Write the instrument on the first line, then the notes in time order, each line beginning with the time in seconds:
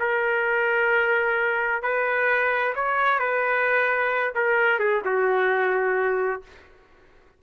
trumpet
0.00 A#4
1.83 B4
2.75 C#5
3.20 B4
4.35 A#4
4.79 G#4
5.05 F#4